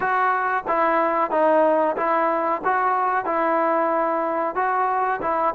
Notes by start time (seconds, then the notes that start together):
0.00 F#4
0.67 E4
1.30 D#4
1.96 E4
2.64 F#4
3.25 E4
4.55 F#4
5.21 E4